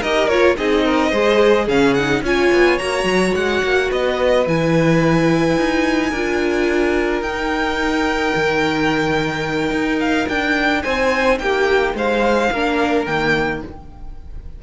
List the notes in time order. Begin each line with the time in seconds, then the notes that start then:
0.00 D#4 G4 A#4 D#5
0.27 A#3 F4 C#5
0.57 C4 D#4 G#4 D#5
0.85 A#4
1.10 G#3 G#4 C5
1.65 C#3 C#4 G#4 F5
1.94 D#4 F#5
2.22 C#4 F4 C#5 G#5
2.52 B3
2.78 A#3 F#4 A#5
3.04 F#3
3.35 G#3 F#5
3.63 A#3
3.90 B3 B4 D#5
4.46 E3 E4 G#5
5.57 D#4
6.10 D4 F4 A#4
7.22 D#4 G5
8.35 D#3
9.70 D#4
10.00 F5
10.29 D4 G5
10.82 C4 C5 G#5
11.39 A#3 G4 G5
11.94 G#3 C5 F5
12.52 A#3 D4 A#4
13.06 D#3 A#3 G5